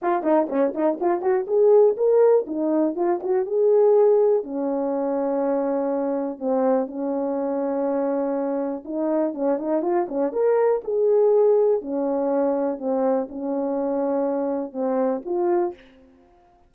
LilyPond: \new Staff \with { instrumentName = "horn" } { \time 4/4 \tempo 4 = 122 f'8 dis'8 cis'8 dis'8 f'8 fis'8 gis'4 | ais'4 dis'4 f'8 fis'8 gis'4~ | gis'4 cis'2.~ | cis'4 c'4 cis'2~ |
cis'2 dis'4 cis'8 dis'8 | f'8 cis'8 ais'4 gis'2 | cis'2 c'4 cis'4~ | cis'2 c'4 f'4 | }